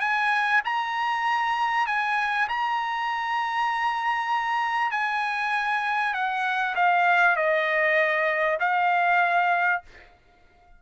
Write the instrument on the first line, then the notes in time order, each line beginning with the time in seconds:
trumpet
0.00 G#5
0.64 A#5
1.86 G#5
2.48 A#5
4.91 G#5
6.13 F#5
6.75 F5
7.36 D#5
8.59 F5